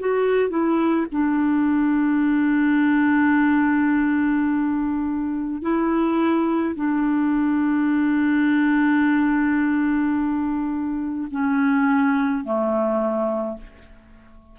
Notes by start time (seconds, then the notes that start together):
0.00 F#4
0.50 E4
1.12 D4
5.62 E4
6.76 D4
11.31 C#4
12.44 A3